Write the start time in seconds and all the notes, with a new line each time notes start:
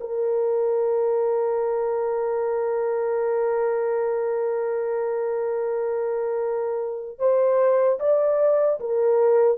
0.00 A#4
7.18 C5
7.99 D5
8.80 A#4